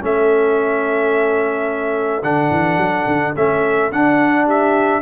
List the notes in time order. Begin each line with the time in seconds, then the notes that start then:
0.00 A3 C#4 A4 E5
2.22 D3 D4 F#5
2.50 E3
2.77 F#3
3.06 D3
3.35 A3 C#4 E5
3.91 D4 F#5
4.45 G4 E5